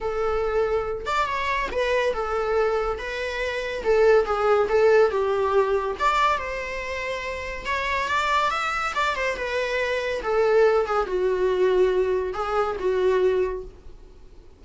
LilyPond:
\new Staff \with { instrumentName = "viola" } { \time 4/4 \tempo 4 = 141 a'2~ a'8 d''8 cis''4 | b'4 a'2 b'4~ | b'4 a'4 gis'4 a'4 | g'2 d''4 c''4~ |
c''2 cis''4 d''4 | e''4 d''8 c''8 b'2 | a'4. gis'8 fis'2~ | fis'4 gis'4 fis'2 | }